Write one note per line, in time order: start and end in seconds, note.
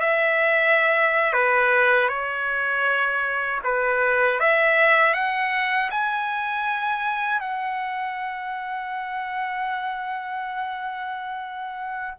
0.00 1.33 E5
1.33 2.08 B4
2.08 3.60 C#5
3.64 4.39 B4
4.39 5.13 E5
5.13 5.89 F#5
5.90 7.40 G#5
7.40 12.14 F#5